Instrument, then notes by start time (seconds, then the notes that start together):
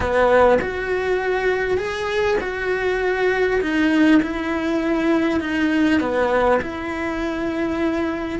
cello
0.00 B3
0.61 F#4
1.77 G#4
2.41 F#4
3.61 D#4
4.22 E4
5.40 D#4
6.00 B3
6.61 E4